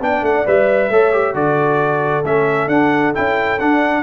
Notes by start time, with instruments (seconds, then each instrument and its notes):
0.00 tuba B3, trombone D4, horn D5, trumpet G5
0.21 tuba A3, trumpet F#5
0.45 tuba G3, trombone B4, trumpet E5
0.89 tuba A3, trombone A4, horn C#5
1.12 trombone G4
1.34 tuba D3, trombone F#4, horn A4, trumpet D5
2.25 tuba A3, trombone C#4, trumpet E5
2.67 tuba D4, trombone D4, trumpet F#5
3.14 tuba C#4, trombone E4, trumpet G5
3.59 trombone D4, tuba D4, trumpet F#5